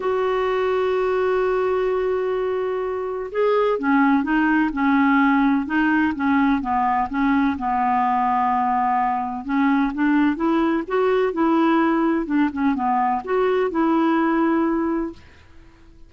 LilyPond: \new Staff \with { instrumentName = "clarinet" } { \time 4/4 \tempo 4 = 127 fis'1~ | fis'2. gis'4 | cis'4 dis'4 cis'2 | dis'4 cis'4 b4 cis'4 |
b1 | cis'4 d'4 e'4 fis'4 | e'2 d'8 cis'8 b4 | fis'4 e'2. | }